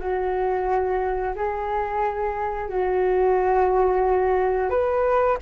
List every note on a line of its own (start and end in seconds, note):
0.00 1.35 F#4
1.35 2.69 G#4
2.69 4.70 F#4
4.70 5.37 B4